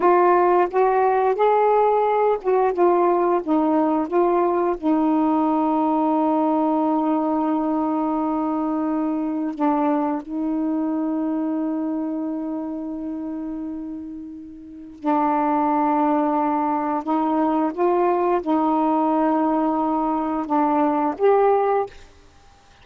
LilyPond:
\new Staff \with { instrumentName = "saxophone" } { \time 4/4 \tempo 4 = 88 f'4 fis'4 gis'4. fis'8 | f'4 dis'4 f'4 dis'4~ | dis'1~ | dis'2 d'4 dis'4~ |
dis'1~ | dis'2 d'2~ | d'4 dis'4 f'4 dis'4~ | dis'2 d'4 g'4 | }